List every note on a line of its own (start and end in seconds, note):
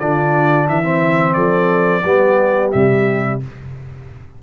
0.00 0.69 D3
0.00 0.84 D4
0.00 0.68 F4
0.00 0.68 D5
0.69 1.37 E3
0.69 1.35 E4
0.69 1.34 E5
0.84 2.03 C4
1.34 2.05 F3
1.34 2.04 A4
1.34 2.70 D5
2.04 2.73 G3
2.04 2.73 B3
2.04 3.41 G4
2.72 3.43 C3
2.72 3.41 G3
2.72 3.40 E5